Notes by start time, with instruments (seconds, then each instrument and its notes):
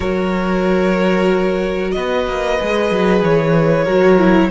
0.00 cello F#3, viola F#4, violin A#4 C#5
1.91 cello B3, violin B4 D#5
2.27 cello A#3
2.59 cello G#3, viola G#4
2.91 cello F#3
3.22 cello E3, violin C#5
3.84 cello F#3, viola F#4, violin A#4
4.19 viola E4